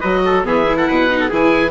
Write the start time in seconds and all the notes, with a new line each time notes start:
0.00 F#3 F#4 B4 D#5
0.25 A4
0.43 E3 B3 G#4 E5
0.67 E4
0.77 A4 F#5
0.87 B2 B4
1.10 D#4
1.20 A4
1.29 E3 E4 G#4 G#5